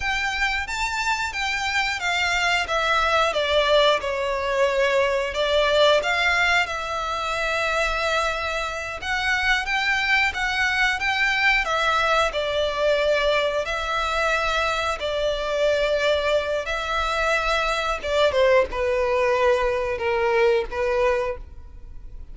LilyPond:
\new Staff \with { instrumentName = "violin" } { \time 4/4 \tempo 4 = 90 g''4 a''4 g''4 f''4 | e''4 d''4 cis''2 | d''4 f''4 e''2~ | e''4. fis''4 g''4 fis''8~ |
fis''8 g''4 e''4 d''4.~ | d''8 e''2 d''4.~ | d''4 e''2 d''8 c''8 | b'2 ais'4 b'4 | }